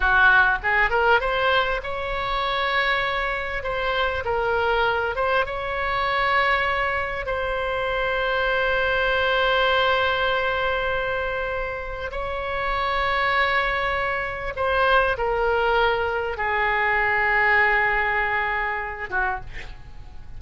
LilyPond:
\new Staff \with { instrumentName = "oboe" } { \time 4/4 \tempo 4 = 99 fis'4 gis'8 ais'8 c''4 cis''4~ | cis''2 c''4 ais'4~ | ais'8 c''8 cis''2. | c''1~ |
c''1 | cis''1 | c''4 ais'2 gis'4~ | gis'2.~ gis'8 fis'8 | }